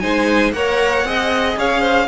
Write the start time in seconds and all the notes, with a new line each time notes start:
0.00 G#3 D#4 C5 G#5
0.53 A#3 A#4 C#5 F#5
1.04 C4 G#4 D#5
1.57 C#4 C#5 F5
1.80 C5